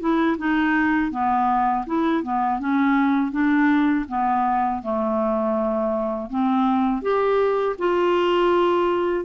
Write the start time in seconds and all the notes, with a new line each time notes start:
0.00 E4
0.38 D#4
1.11 B3
1.87 E4
2.23 B3
2.60 C#4
3.32 D4
4.08 B3
4.82 A3
6.30 C4
7.02 G4
7.79 F4